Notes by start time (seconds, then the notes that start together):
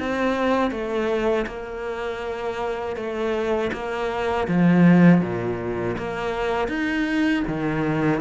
0.00 C4
0.72 A3
1.47 A#3
2.97 A3
3.73 A#3
4.49 F3
5.22 A#2
5.98 A#3
6.69 D#4
7.48 D#3